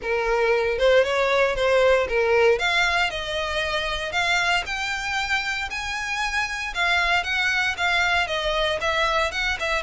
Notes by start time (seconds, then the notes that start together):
0.01 A#4
0.78 C5
1.03 C#5
1.55 C5
2.08 A#4
2.58 F5
3.10 D#5
4.12 F5
4.66 G5
5.70 G#5
6.74 F5
7.23 F#5
7.77 F5
8.27 D#5
8.80 E5
9.31 F#5
9.59 E5